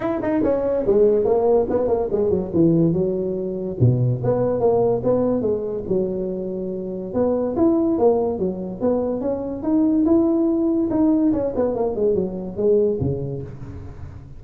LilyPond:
\new Staff \with { instrumentName = "tuba" } { \time 4/4 \tempo 4 = 143 e'8 dis'8 cis'4 gis4 ais4 | b8 ais8 gis8 fis8 e4 fis4~ | fis4 b,4 b4 ais4 | b4 gis4 fis2~ |
fis4 b4 e'4 ais4 | fis4 b4 cis'4 dis'4 | e'2 dis'4 cis'8 b8 | ais8 gis8 fis4 gis4 cis4 | }